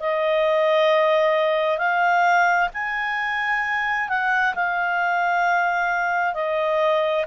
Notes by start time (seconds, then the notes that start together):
0.00 D#5
1.78 F5
2.74 G#5
4.09 F#5
4.55 F5
6.34 D#5